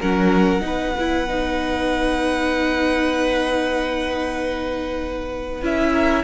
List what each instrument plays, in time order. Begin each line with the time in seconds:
0.00 cello F#3, viola C#4, violin A#4 F#5
0.61 cello B3, viola D#4, violin B4
0.99 viola E4
1.28 viola D#4
5.62 cello C#4, viola E4, violin E5
5.92 violin A#4